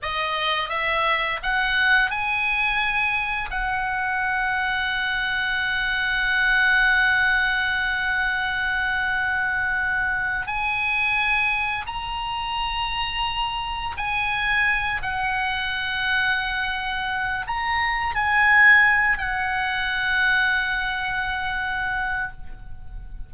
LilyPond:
\new Staff \with { instrumentName = "oboe" } { \time 4/4 \tempo 4 = 86 dis''4 e''4 fis''4 gis''4~ | gis''4 fis''2.~ | fis''1~ | fis''2. gis''4~ |
gis''4 ais''2. | gis''4. fis''2~ fis''8~ | fis''4 ais''4 gis''4. fis''8~ | fis''1 | }